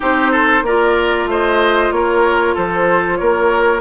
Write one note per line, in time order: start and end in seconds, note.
0.00 0.62 C4
0.00 0.64 D#4
0.00 0.31 G4
0.00 0.65 C5
0.31 0.63 A4
0.62 1.26 A#3
0.62 3.81 F4
0.62 1.29 A#4
0.62 1.29 D5
1.26 1.90 A3
1.26 1.94 C5
1.26 1.91 D#5
1.91 2.55 A#3
1.91 2.54 A#4
1.91 2.55 C#5
2.54 3.20 F3
2.54 3.18 A4
2.54 3.16 C5
3.16 3.81 A#3
3.16 3.81 A#4
3.16 3.80 C#5